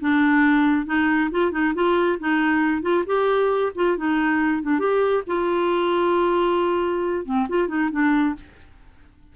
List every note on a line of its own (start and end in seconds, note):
0.00 0.86 D4
0.86 1.30 D#4
1.31 1.51 F4
1.51 1.73 D#4
1.74 2.18 F4
2.19 2.82 D#4
2.82 3.04 F4
3.06 3.72 G4
3.75 3.97 F4
3.97 4.62 D#4
4.62 4.79 D4
4.79 5.23 G4
5.27 7.25 F4
7.25 7.47 C4
7.49 7.68 F4
7.68 7.90 D#4
7.91 8.35 D4